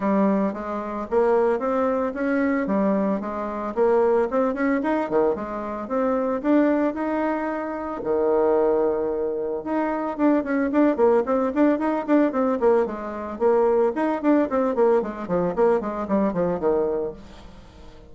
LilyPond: \new Staff \with { instrumentName = "bassoon" } { \time 4/4 \tempo 4 = 112 g4 gis4 ais4 c'4 | cis'4 g4 gis4 ais4 | c'8 cis'8 dis'8 dis8 gis4 c'4 | d'4 dis'2 dis4~ |
dis2 dis'4 d'8 cis'8 | d'8 ais8 c'8 d'8 dis'8 d'8 c'8 ais8 | gis4 ais4 dis'8 d'8 c'8 ais8 | gis8 f8 ais8 gis8 g8 f8 dis4 | }